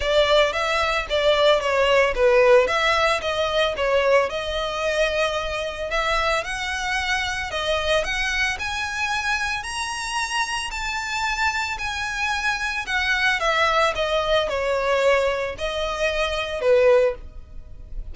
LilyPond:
\new Staff \with { instrumentName = "violin" } { \time 4/4 \tempo 4 = 112 d''4 e''4 d''4 cis''4 | b'4 e''4 dis''4 cis''4 | dis''2. e''4 | fis''2 dis''4 fis''4 |
gis''2 ais''2 | a''2 gis''2 | fis''4 e''4 dis''4 cis''4~ | cis''4 dis''2 b'4 | }